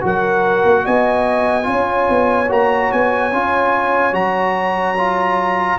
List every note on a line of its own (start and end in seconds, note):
0.00 0.64 F#3
0.00 1.63 F#4
0.00 0.84 A#4
0.00 0.86 F#5
0.64 0.84 A#3
0.84 1.67 B3
0.84 1.67 D#5
0.84 2.50 G#5
1.63 2.08 C#4
1.63 2.45 F4
1.63 5.78 C#5
2.09 2.50 B3
2.48 2.91 A#3
2.48 3.31 F#4
2.48 2.91 A#5
2.91 3.33 B3
2.91 4.14 G#5
3.33 4.12 C#4
3.33 4.12 F4
4.12 5.77 F#3
4.12 4.94 F#4
4.12 5.78 A#5
4.97 5.78 F4